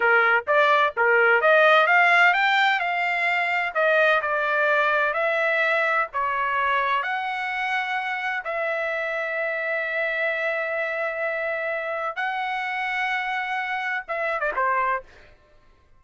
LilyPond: \new Staff \with { instrumentName = "trumpet" } { \time 4/4 \tempo 4 = 128 ais'4 d''4 ais'4 dis''4 | f''4 g''4 f''2 | dis''4 d''2 e''4~ | e''4 cis''2 fis''4~ |
fis''2 e''2~ | e''1~ | e''2 fis''2~ | fis''2 e''8. d''16 c''4 | }